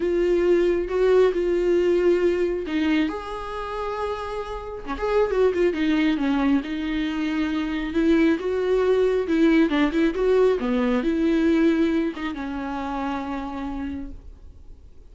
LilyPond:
\new Staff \with { instrumentName = "viola" } { \time 4/4 \tempo 4 = 136 f'2 fis'4 f'4~ | f'2 dis'4 gis'4~ | gis'2. cis'16 gis'8. | fis'8 f'8 dis'4 cis'4 dis'4~ |
dis'2 e'4 fis'4~ | fis'4 e'4 d'8 e'8 fis'4 | b4 e'2~ e'8 dis'8 | cis'1 | }